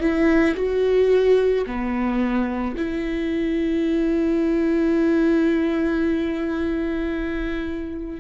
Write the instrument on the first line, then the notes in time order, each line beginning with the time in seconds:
viola
0.00 E4
0.56 F#4
1.66 B3
2.77 E4